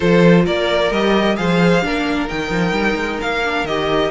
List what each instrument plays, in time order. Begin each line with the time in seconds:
0.00 cello F3, viola F4, violin A4 C5
0.45 cello A#3, violin A#4 D5
0.91 cello G3, viola G4, violin D#5
1.36 cello F3, viola G#4, violin C5 F5
1.83 cello A#3, viola D4, violin A#4
2.28 cello D#3, viola D#4, violin G5
2.50 cello F3
2.72 cello G3
2.95 cello G#3
3.21 cello A#3, violin F5
3.44 viola D4
3.63 cello D#3, viola G4, violin D#5